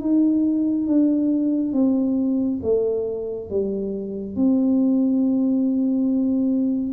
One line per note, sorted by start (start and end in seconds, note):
0.00 0.87 D#4
0.87 1.73 D4
1.73 2.60 C4
2.63 3.50 A3
3.50 4.36 G3
4.36 6.93 C4